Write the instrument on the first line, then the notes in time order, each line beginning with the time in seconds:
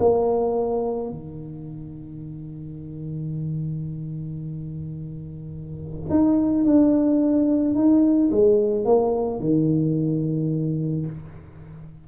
tuba
0.00 A#3
1.10 D#3
6.10 D#4
6.65 D4
7.75 D#4
8.32 G#3
8.85 A#3
9.40 D#3